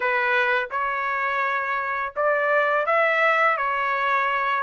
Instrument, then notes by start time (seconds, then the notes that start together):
trumpet
0.00 B4
0.70 C#5
2.16 D5
2.86 E5
3.57 C#5